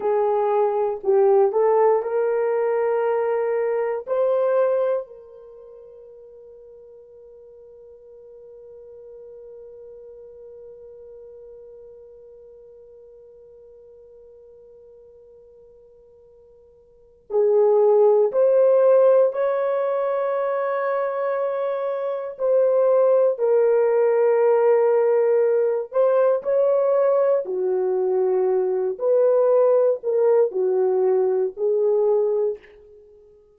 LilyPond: \new Staff \with { instrumentName = "horn" } { \time 4/4 \tempo 4 = 59 gis'4 g'8 a'8 ais'2 | c''4 ais'2.~ | ais'1~ | ais'1~ |
ais'4 gis'4 c''4 cis''4~ | cis''2 c''4 ais'4~ | ais'4. c''8 cis''4 fis'4~ | fis'8 b'4 ais'8 fis'4 gis'4 | }